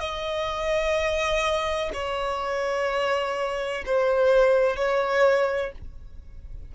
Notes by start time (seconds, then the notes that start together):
0.00 D#5
1.94 C#5
3.86 C5
4.77 C#5